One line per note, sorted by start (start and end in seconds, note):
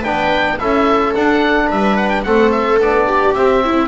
0.00 0.60 B3
0.00 0.58 D4
0.00 0.55 B4
0.00 0.59 G5
0.58 1.16 C#4
0.58 1.14 E4
0.58 1.68 A4
0.58 1.14 E5
1.15 1.70 D4
1.15 2.26 D4
1.15 1.70 F#5
1.68 2.25 G3
1.68 2.23 B4
1.68 1.97 E5
1.97 2.09 F#5
2.09 2.23 G5
2.24 2.80 A3
2.24 2.80 C4
2.24 3.07 A4
2.24 2.51 F#5
2.51 2.79 E5
2.80 3.35 B3
2.80 3.35 D4
2.80 3.34 D5
3.07 3.62 G4
3.34 3.89 C4
3.34 3.89 E5
3.65 3.89 E4